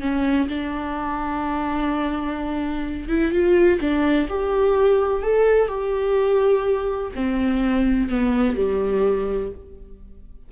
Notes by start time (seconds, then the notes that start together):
0.00 C#4
0.48 D4
3.08 E4
3.32 F4
3.80 D4
4.29 G4
5.22 A4
5.68 G4
7.15 C4
8.09 B3
8.56 G3